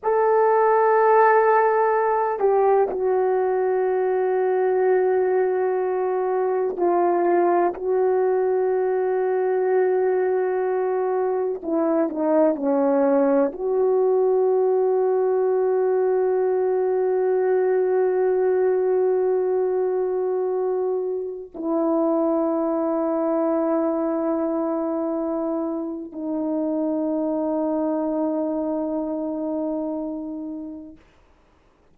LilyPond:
\new Staff \with { instrumentName = "horn" } { \time 4/4 \tempo 4 = 62 a'2~ a'8 g'8 fis'4~ | fis'2. f'4 | fis'1 | e'8 dis'8 cis'4 fis'2~ |
fis'1~ | fis'2~ fis'16 e'4.~ e'16~ | e'2. dis'4~ | dis'1 | }